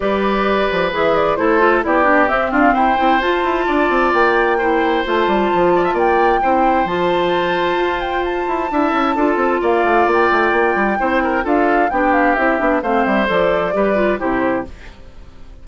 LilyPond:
<<
  \new Staff \with { instrumentName = "flute" } { \time 4/4 \tempo 4 = 131 d''2 e''8 d''8 c''4 | d''4 e''8 f''8 g''4 a''4~ | a''4 g''2 a''4~ | a''4 g''2 a''4~ |
a''4. g''8 a''2~ | a''4 f''4 g''2~ | g''4 f''4 g''8 f''8 e''4 | f''8 e''8 d''2 c''4 | }
  \new Staff \with { instrumentName = "oboe" } { \time 4/4 b'2. a'4 | g'4. f'8 c''2 | d''2 c''2~ | c''8 d''16 e''16 d''4 c''2~ |
c''2. e''4 | a'4 d''2. | c''8 ais'8 a'4 g'2 | c''2 b'4 g'4 | }
  \new Staff \with { instrumentName = "clarinet" } { \time 4/4 g'2 gis'4 e'8 f'8 | e'8 d'8 c'4. e'8 f'4~ | f'2 e'4 f'4~ | f'2 e'4 f'4~ |
f'2. e'4 | f'1 | e'4 f'4 d'4 e'8 d'8 | c'4 a'4 g'8 f'8 e'4 | }
  \new Staff \with { instrumentName = "bassoon" } { \time 4/4 g4. f8 e4 a4 | b4 c'8 d'8 e'8 c'8 f'8 e'8 | d'8 c'8 ais2 a8 g8 | f4 ais4 c'4 f4~ |
f4 f'4. e'8 d'8 cis'8 | d'8 c'8 ais8 a8 ais8 a8 ais8 g8 | c'4 d'4 b4 c'8 b8 | a8 g8 f4 g4 c4 | }
>>